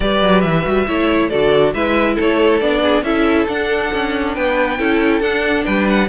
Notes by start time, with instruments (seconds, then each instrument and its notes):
0.00 cello G3, viola G4, violin B4 D5
0.22 cello F#3
0.41 cello E3, violin E5
0.63 cello G3, viola F#4
0.87 cello A3, viola E4, violin C#5
1.29 cello D3, viola F#4, violin A4 D5
1.73 cello G#3, viola E4, violin B4 E5
2.14 cello A3, violin A4
2.20 violin C#5
2.60 cello B3, viola D4, violin D5
2.82 violin G#4
3.02 cello C#4, viola E4, violin A4 E5
3.48 cello D4, viola D4, violin F#5
3.93 cello C#4
4.34 cello B3, violin B4 G5
4.78 cello C#4, viola E4, violin A4
5.20 cello D4, viola D4, violin F#5
5.65 cello G3, violin B4 G5
5.89 violin F#5